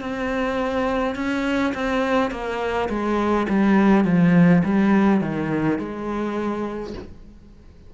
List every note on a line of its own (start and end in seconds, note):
0.00 1.15 C4
1.15 1.73 C#4
1.74 2.31 C4
2.31 2.88 A#3
2.88 3.46 G#3
3.49 4.04 G3
4.04 4.62 F3
4.64 5.20 G3
5.20 5.78 D#3
5.78 6.93 G#3